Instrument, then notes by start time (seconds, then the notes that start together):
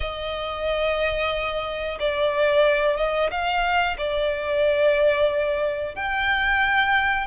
violin
0.00 D#5
1.99 D5
2.97 D#5
3.30 F5
3.97 D5
5.95 G5